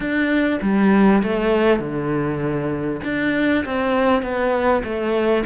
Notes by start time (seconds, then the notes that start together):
0.00 D4
0.61 G3
1.22 A3
1.79 D3
3.04 D4
3.65 C4
4.22 B3
4.83 A3